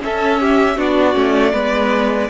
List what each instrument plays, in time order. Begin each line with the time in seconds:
0.00 viola C#4, cello C#4, violin A4 E5
0.40 violin G4
0.77 cello B3, viola D4, violin F#4 D5
1.13 cello A3, viola C#4
1.53 cello G#3, viola B3, violin B4